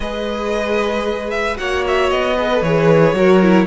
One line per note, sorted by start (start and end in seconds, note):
0.00 1.58 G#3
0.00 1.56 G#4
0.00 1.58 B4
0.00 1.30 D#5
1.30 1.56 E5
1.56 2.10 A#3
1.56 2.35 F#4
1.56 2.36 C#5
1.56 1.84 F#5
1.87 2.10 E5
2.10 2.61 B3
2.10 2.62 D#5
2.36 2.50 G#4
2.36 3.15 B4
2.52 2.65 A4
2.61 3.13 E3
2.61 3.15 G#4
2.61 3.66 C#5
3.13 3.65 F#3
3.13 3.42 F#4
3.13 3.66 A#4
3.42 3.66 E4